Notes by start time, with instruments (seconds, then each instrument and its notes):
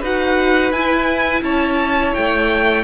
0.00 cello D#4, viola F#4, violin B4 F#5
0.72 cello E4, viola E4, violin G#5
1.42 cello C#4, violin C#5 A5
2.14 cello A3, violin G5